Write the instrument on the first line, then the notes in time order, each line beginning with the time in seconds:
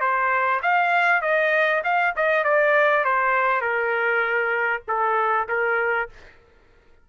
trumpet
0.00 C5
0.62 F5
1.21 D#5
1.84 F5
2.15 D#5
2.44 D5
3.04 C5
3.61 A#4
4.87 A4
5.48 A#4